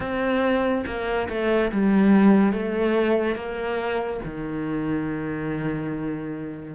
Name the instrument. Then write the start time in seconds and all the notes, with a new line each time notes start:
cello
0.00 C4
0.86 A#3
1.29 A3
1.71 G3
2.52 A3
3.35 A#3
4.24 D#3